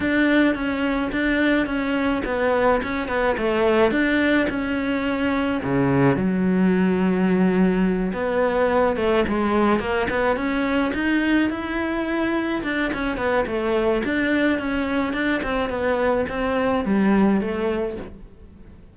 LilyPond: \new Staff \with { instrumentName = "cello" } { \time 4/4 \tempo 4 = 107 d'4 cis'4 d'4 cis'4 | b4 cis'8 b8 a4 d'4 | cis'2 cis4 fis4~ | fis2~ fis8 b4. |
a8 gis4 ais8 b8 cis'4 dis'8~ | dis'8 e'2 d'8 cis'8 b8 | a4 d'4 cis'4 d'8 c'8 | b4 c'4 g4 a4 | }